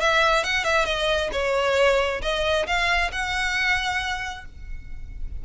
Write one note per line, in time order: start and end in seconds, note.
0.00 0.44 E5
0.44 0.64 F#5
0.64 0.85 E5
0.85 1.30 D#5
1.32 2.21 C#5
2.21 2.66 D#5
2.66 3.11 F5
3.11 4.45 F#5